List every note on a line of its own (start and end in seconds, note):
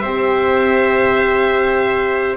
0.00 2.37 C4
0.00 2.37 G4
0.00 2.37 C5
0.00 2.37 E5